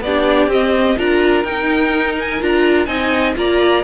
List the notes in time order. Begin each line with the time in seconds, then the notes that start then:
0.00 B3 D4 G4 D5
0.47 C4 D#5
0.97 D4 F4 A#4 A#5
1.43 D#4 G5
2.19 G#5
2.40 D4 F4 A#5
2.85 C4 D#4 D#5 G#5
3.36 A#3 F4 D5 A#5